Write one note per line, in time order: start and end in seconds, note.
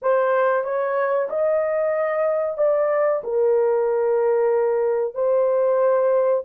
0.01 0.63 C5
0.63 1.28 C#5
1.29 2.57 D#5
2.57 3.22 D5
3.23 5.14 A#4
5.14 6.43 C5